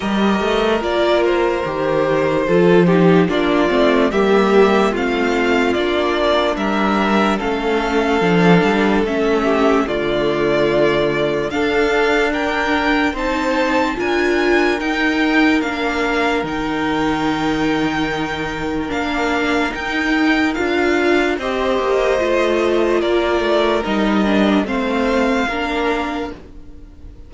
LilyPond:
<<
  \new Staff \with { instrumentName = "violin" } { \time 4/4 \tempo 4 = 73 dis''4 d''8 c''2~ c''8 | d''4 e''4 f''4 d''4 | e''4 f''2 e''4 | d''2 f''4 g''4 |
a''4 gis''4 g''4 f''4 | g''2. f''4 | g''4 f''4 dis''2 | d''4 dis''4 f''2 | }
  \new Staff \with { instrumentName = "violin" } { \time 4/4 ais'2. a'8 g'8 | f'4 g'4 f'2 | ais'4 a'2~ a'8 g'8 | f'2 a'4 ais'4 |
c''4 ais'2.~ | ais'1~ | ais'2 c''2 | ais'2 c''4 ais'4 | }
  \new Staff \with { instrumentName = "viola" } { \time 4/4 g'4 f'4 g'4 f'8 dis'8 | d'8 c'8 ais4 c'4 d'4~ | d'4 cis'4 d'4 cis'4 | a2 d'2 |
dis'4 f'4 dis'4 d'4 | dis'2. d'4 | dis'4 f'4 g'4 f'4~ | f'4 dis'8 d'8 c'4 d'4 | }
  \new Staff \with { instrumentName = "cello" } { \time 4/4 g8 a8 ais4 dis4 f4 | ais8 a8 g4 a4 ais4 | g4 a4 f8 g8 a4 | d2 d'2 |
c'4 d'4 dis'4 ais4 | dis2. ais4 | dis'4 d'4 c'8 ais8 a4 | ais8 a8 g4 a4 ais4 | }
>>